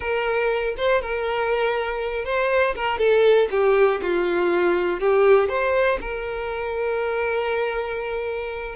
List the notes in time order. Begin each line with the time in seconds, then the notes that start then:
0.00 A#4
0.77 C5
1.01 A#4
2.25 C5
2.75 A#4
2.98 A4
3.50 G4
4.02 F4
5.00 G4
5.49 C5
6.00 A#4